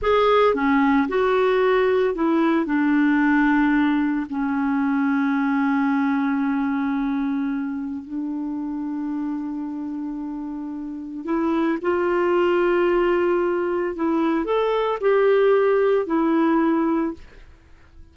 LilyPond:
\new Staff \with { instrumentName = "clarinet" } { \time 4/4 \tempo 4 = 112 gis'4 cis'4 fis'2 | e'4 d'2. | cis'1~ | cis'2. d'4~ |
d'1~ | d'4 e'4 f'2~ | f'2 e'4 a'4 | g'2 e'2 | }